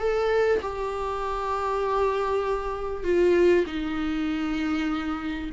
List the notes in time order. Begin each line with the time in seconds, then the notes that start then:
0.00 A4
0.62 G4
3.04 F4
3.67 D#4